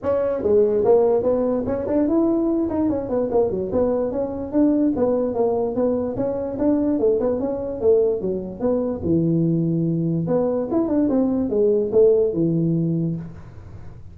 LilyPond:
\new Staff \with { instrumentName = "tuba" } { \time 4/4 \tempo 4 = 146 cis'4 gis4 ais4 b4 | cis'8 d'8 e'4. dis'8 cis'8 b8 | ais8 fis8 b4 cis'4 d'4 | b4 ais4 b4 cis'4 |
d'4 a8 b8 cis'4 a4 | fis4 b4 e2~ | e4 b4 e'8 d'8 c'4 | gis4 a4 e2 | }